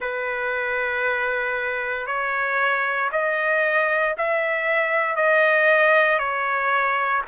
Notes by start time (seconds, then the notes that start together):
0.00 B4
2.06 C#5
3.12 D#5
4.17 E5
5.15 D#5
6.18 C#5